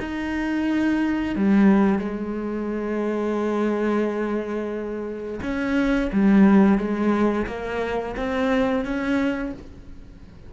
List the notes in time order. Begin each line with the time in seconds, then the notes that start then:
0.00 D#4
1.36 G3
1.99 G#3
5.43 C#4
6.13 G3
6.78 G#3
7.48 A#3
8.17 C4
8.85 C#4